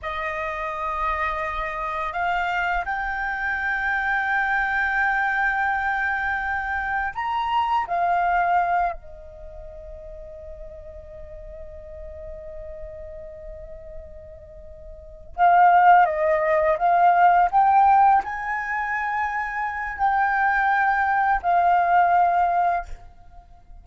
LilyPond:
\new Staff \with { instrumentName = "flute" } { \time 4/4 \tempo 4 = 84 dis''2. f''4 | g''1~ | g''2 ais''4 f''4~ | f''8 dis''2.~ dis''8~ |
dis''1~ | dis''4. f''4 dis''4 f''8~ | f''8 g''4 gis''2~ gis''8 | g''2 f''2 | }